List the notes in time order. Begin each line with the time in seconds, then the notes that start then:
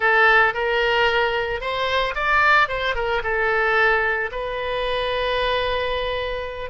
0.00 A4
0.54 A#4
1.60 C5
2.14 D5
2.68 C5
2.95 A#4
3.23 A4
4.31 B4